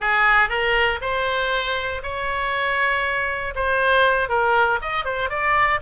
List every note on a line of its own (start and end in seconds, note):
0.00 0.49 G#4
0.49 0.99 A#4
1.01 2.02 C5
2.02 3.54 C#5
3.55 4.29 C5
4.29 4.79 A#4
4.81 5.04 D#5
5.04 5.29 C5
5.29 5.80 D5